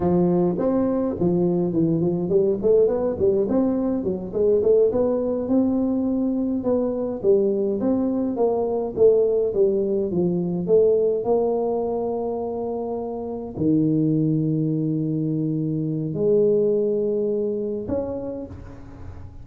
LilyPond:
\new Staff \with { instrumentName = "tuba" } { \time 4/4 \tempo 4 = 104 f4 c'4 f4 e8 f8 | g8 a8 b8 g8 c'4 fis8 gis8 | a8 b4 c'2 b8~ | b8 g4 c'4 ais4 a8~ |
a8 g4 f4 a4 ais8~ | ais2.~ ais8 dis8~ | dis1 | gis2. cis'4 | }